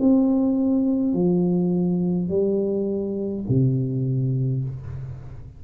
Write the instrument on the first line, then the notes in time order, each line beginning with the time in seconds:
tuba
0.00 C4
1.14 F3
2.29 G3
3.49 C3